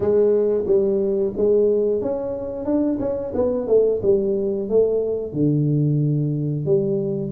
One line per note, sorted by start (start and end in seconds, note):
0.00 0.64 G#3
0.66 1.33 G3
1.36 2.02 G#3
2.02 2.65 C#4
2.65 2.98 D4
2.99 3.32 C#4
3.34 3.67 B3
3.67 4.00 A3
4.02 4.69 G3
4.69 5.32 A3
5.32 6.65 D3
6.65 7.31 G3